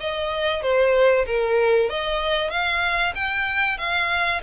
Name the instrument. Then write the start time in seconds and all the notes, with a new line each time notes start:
violin
0.00 D#5
0.62 C5
1.26 A#4
1.89 D#5
2.50 F5
3.15 G5
3.78 F5